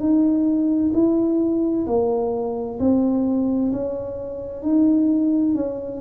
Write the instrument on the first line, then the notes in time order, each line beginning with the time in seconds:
tuba
0.00 D#4
0.94 E4
1.87 A#3
2.79 C4
3.72 C#4
4.63 D#4
5.55 C#4